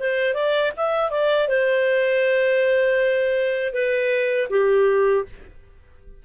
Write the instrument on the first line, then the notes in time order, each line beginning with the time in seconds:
clarinet
0.00 C5
0.34 D5
0.76 E5
1.11 D5
1.48 C5
3.73 B4
4.50 G4